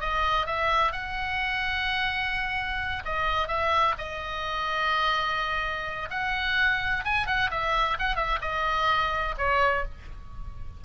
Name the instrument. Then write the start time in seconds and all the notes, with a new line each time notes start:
oboe
0.00 D#5
0.46 E5
0.92 F#5
3.05 D#5
3.48 E5
3.98 D#5
6.10 F#5
7.04 G#5
7.27 F#5
7.50 E5
7.99 F#5
8.16 E5
8.41 D#5
9.38 C#5